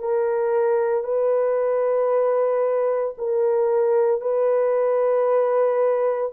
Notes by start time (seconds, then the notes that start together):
0.00 A#4
1.04 B4
3.18 A#4
4.22 B4